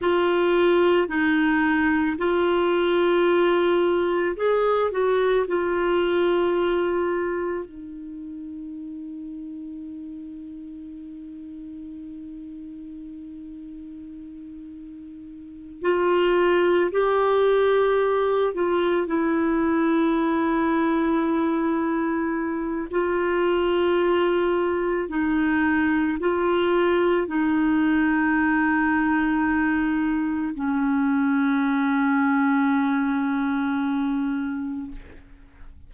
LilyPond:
\new Staff \with { instrumentName = "clarinet" } { \time 4/4 \tempo 4 = 55 f'4 dis'4 f'2 | gis'8 fis'8 f'2 dis'4~ | dis'1~ | dis'2~ dis'8 f'4 g'8~ |
g'4 f'8 e'2~ e'8~ | e'4 f'2 dis'4 | f'4 dis'2. | cis'1 | }